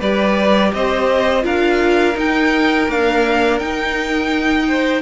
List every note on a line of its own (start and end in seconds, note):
0.00 0.72 G3
0.00 1.42 G4
0.00 0.71 B4
0.00 0.73 D5
0.73 1.44 C4
0.73 1.44 C5
0.73 1.45 D#5
1.42 2.16 D4
1.42 2.14 F4
1.42 4.66 A#4
1.42 2.17 F5
2.16 2.87 D#4
2.16 2.89 D#4
2.16 2.91 G5
2.88 3.60 A#3
2.88 3.61 D4
2.88 3.59 F5
3.59 5.02 D#4
3.59 5.02 G5
4.68 5.02 C5